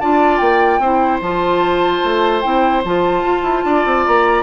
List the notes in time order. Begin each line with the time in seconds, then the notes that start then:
0.00 D4 F4 D5 A5
0.38 A#3 G5
0.79 C4 E4 C5
1.21 F3 F4 A5
2.04 A3
2.41 C4 E4 G5
2.85 F3 F4 A5
3.23 F4
3.43 E4
3.65 D4 D5
3.86 C4
4.06 A#3 A#5